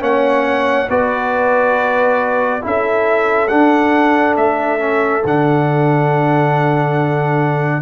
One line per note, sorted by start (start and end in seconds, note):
0.00 0.88 A#3
0.00 0.87 C#4
0.00 0.89 C#5
0.00 0.90 F#5
0.90 2.64 B3
0.90 2.62 F#4
0.90 2.65 B4
0.90 2.65 D5
2.62 3.52 C#4
2.62 3.49 E4
2.62 7.82 A4
2.62 3.48 E5
3.48 4.79 D4
3.48 4.37 D4
3.48 4.35 F#5
4.37 5.24 A3
4.37 5.24 E5
4.79 5.22 C#4
5.25 7.82 D3
5.25 7.82 D4
5.25 7.82 F#5